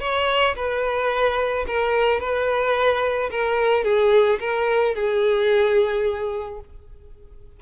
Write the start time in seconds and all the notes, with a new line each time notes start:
0.00 C#5
0.56 B4
1.67 A#4
2.20 B4
3.31 A#4
3.84 G#4
4.40 A#4
4.95 G#4